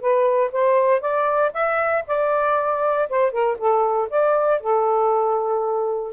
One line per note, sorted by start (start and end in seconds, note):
0.00 0.51 B4
0.52 1.00 C5
1.00 1.51 D5
1.53 2.04 E5
2.07 3.08 D5
3.09 3.31 C5
3.31 3.57 A#4
3.58 4.08 A4
4.10 4.60 D5
4.60 6.12 A4